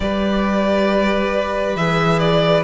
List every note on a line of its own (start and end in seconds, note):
0.00 1.75 G3
0.00 1.77 G4
0.00 2.63 B4
0.00 1.76 D5
1.75 2.63 E3
1.75 2.63 G#4
1.75 2.19 E5
2.19 2.63 D5